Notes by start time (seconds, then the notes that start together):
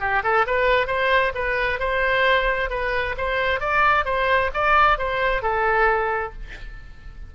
0.00 G4
0.23 A4
0.46 B4
0.87 C5
1.35 B4
1.80 C5
2.70 B4
3.17 C5
3.60 D5
4.05 C5
4.54 D5
4.98 C5
5.42 A4